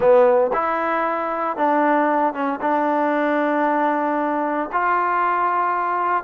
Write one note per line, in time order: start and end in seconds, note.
0.00 0.51 B3
0.53 1.56 E4
1.56 2.33 D4
2.33 2.59 C#4
2.61 4.70 D4
4.72 6.24 F4